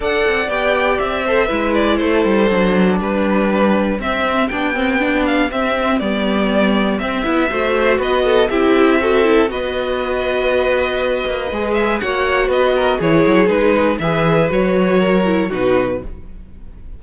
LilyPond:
<<
  \new Staff \with { instrumentName = "violin" } { \time 4/4 \tempo 4 = 120 fis''4 g''4 e''4. d''8 | c''2 b'2 | e''4 g''4. f''8 e''4 | d''2 e''2 |
dis''4 e''2 dis''4~ | dis''2.~ dis''8 e''8 | fis''4 dis''4 cis''4 b'4 | e''4 cis''2 b'4 | }
  \new Staff \with { instrumentName = "violin" } { \time 4/4 d''2~ d''8 c''8 b'4 | a'2 g'2~ | g'1~ | g'2. c''4 |
b'8 a'8 g'4 a'4 b'4~ | b'1 | cis''4 b'8 ais'8 gis'2 | b'2 ais'4 fis'4 | }
  \new Staff \with { instrumentName = "viola" } { \time 4/4 a'4 g'4. a'8 e'4~ | e'4 d'2. | c'4 d'8 c'8 d'4 c'4 | b2 c'8 e'8 fis'4~ |
fis'4 e'4 fis'8 e'8 fis'4~ | fis'2. gis'4 | fis'2 e'4 dis'4 | gis'4 fis'4. e'8 dis'4 | }
  \new Staff \with { instrumentName = "cello" } { \time 4/4 d'8 c'8 b4 c'4 gis4 | a8 g8 fis4 g2 | c'4 b2 c'4 | g2 c'8 b8 a4 |
b4 c'2 b4~ | b2~ b8 ais8 gis4 | ais4 b4 e8 fis8 gis4 | e4 fis2 b,4 | }
>>